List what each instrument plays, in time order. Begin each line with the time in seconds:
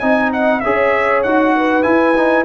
0.00 tuba C4, trombone D#4, horn D#5, trumpet G#5
0.33 trumpet F#5
0.60 tuba C#4, trombone G#4, horn C#5, trumpet E5
1.23 tuba D#4, trombone F#4, trumpet F#5
1.56 horn B4
1.83 trombone E4, tuba E4, trumpet G#5
2.16 trombone D#4